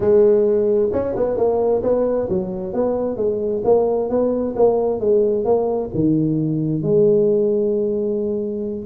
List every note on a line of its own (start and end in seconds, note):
0.00 0.89 G#3
0.92 1.15 C#4
1.16 1.36 B3
1.36 1.82 A#3
1.83 2.28 B3
2.29 2.73 F#3
2.73 3.17 B3
3.17 3.62 G#3
3.64 4.09 A#3
4.09 4.55 B3
4.56 4.99 A#3
4.99 5.44 G#3
5.44 5.90 A#3
5.94 6.82 D#3
6.82 8.85 G#3